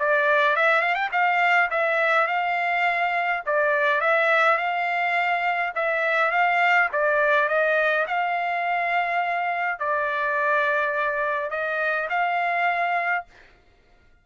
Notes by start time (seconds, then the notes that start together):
0.00 D5
0.57 E5
0.82 F5
0.95 G5
1.12 F5
1.71 E5
2.28 F5
3.46 D5
4.01 E5
4.58 F5
5.76 E5
6.32 F5
6.93 D5
7.49 D#5
8.08 F5
9.79 D5
11.51 D#5
12.10 F5